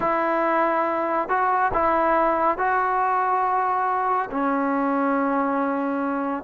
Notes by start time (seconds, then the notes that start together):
0.00 E4
1.28 F#4
1.73 E4
2.58 F#4
4.30 C#4